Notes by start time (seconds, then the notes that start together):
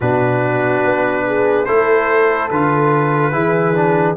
0.00 B2 D4 F#4 B4
0.84 B3
1.26 G#4
1.65 A3 E4 A4 C5
2.50 D3 F4 B4
3.32 E3 E4 G#4
3.74 D4